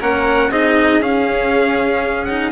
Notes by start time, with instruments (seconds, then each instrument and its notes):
0.00 bassoon A#3, cello C#4, violin A#4, trumpet F#5
0.50 bassoon C4, cello D#4, violin G#4, trumpet D#5
1.00 bassoon C#4, cello C#4, trumpet F5
2.25 cello D#4, trumpet F#5